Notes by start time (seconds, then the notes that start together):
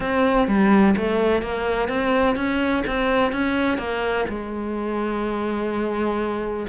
0.00 C4
0.47 G3
0.96 A3
1.42 A#3
1.88 C4
2.35 C#4
2.87 C4
3.32 C#4
3.78 A#3
4.29 G#3